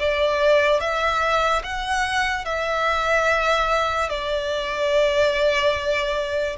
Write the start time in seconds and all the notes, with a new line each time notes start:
0.00 D5
0.80 E5
1.64 F#5
2.45 E5
4.10 D5